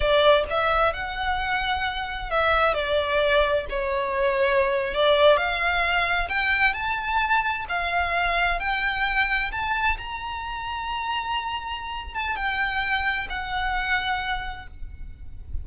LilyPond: \new Staff \with { instrumentName = "violin" } { \time 4/4 \tempo 4 = 131 d''4 e''4 fis''2~ | fis''4 e''4 d''2 | cis''2~ cis''8. d''4 f''16~ | f''4.~ f''16 g''4 a''4~ a''16~ |
a''8. f''2 g''4~ g''16~ | g''8. a''4 ais''2~ ais''16~ | ais''2~ ais''8 a''8 g''4~ | g''4 fis''2. | }